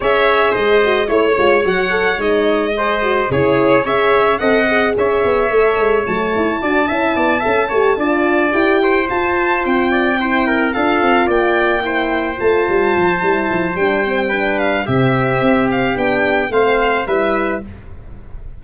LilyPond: <<
  \new Staff \with { instrumentName = "violin" } { \time 4/4 \tempo 4 = 109 e''4 dis''4 cis''4 fis''4 | dis''2 cis''4 e''4 | fis''4 e''2 a''4~ | a''2.~ a''8 g''8~ |
g''8 a''4 g''2 f''8~ | f''8 g''2 a''4.~ | a''4 g''4. f''8 e''4~ | e''8 f''8 g''4 f''4 e''4 | }
  \new Staff \with { instrumentName = "trumpet" } { \time 4/4 cis''4 c''4 cis''2~ | cis''4 c''4 gis'4 cis''4 | dis''4 cis''2. | d''8 e''8 d''8 e''8 cis''8 d''4. |
c''2 d''8 c''8 ais'8 a'8~ | a'8 d''4 c''2~ c''8~ | c''2 b'4 g'4~ | g'2 c''4 b'4 | }
  \new Staff \with { instrumentName = "horn" } { \time 4/4 gis'4. fis'8 e'8 f'8 fis'8 a'8 | dis'4 gis'8 fis'8 e'4 gis'4 | a'8 gis'4. a'4 a4 | fis'8 e'4 a'8 g'8 f'4 g'8~ |
g'8 f'2 e'4 f'8~ | f'4. e'4 f'4. | e'4 d'8 c'8 d'4 c'4~ | c'4 d'4 c'4 e'4 | }
  \new Staff \with { instrumentName = "tuba" } { \time 4/4 cis'4 gis4 a8 gis8 fis4 | gis2 cis4 cis'4 | c'4 cis'8 b8 a8 gis8 fis8 e'8 | d'8 cis'8 b8 cis'8 a8 d'4 e'8~ |
e'8 f'4 c'2 d'8 | c'8 ais2 a8 g8 f8 | g8 f8 g2 c4 | c'4 b4 a4 g4 | }
>>